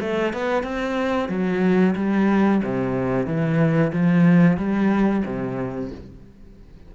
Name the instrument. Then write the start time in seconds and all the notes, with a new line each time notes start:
cello
0.00 A3
0.33 B3
0.63 C4
1.29 F#3
1.95 G3
2.64 C3
3.26 E3
3.92 F3
4.57 G3
5.25 C3